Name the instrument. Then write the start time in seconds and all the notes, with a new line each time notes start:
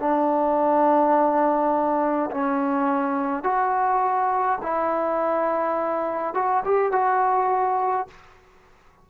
trombone
0.00 D4
2.31 C#4
3.44 F#4
4.63 E4
6.35 F#4
6.65 G4
6.92 F#4